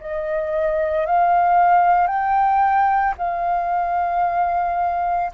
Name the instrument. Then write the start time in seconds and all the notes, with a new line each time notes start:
flute
0.00 D#5
1.06 F5
2.07 G5
3.18 F5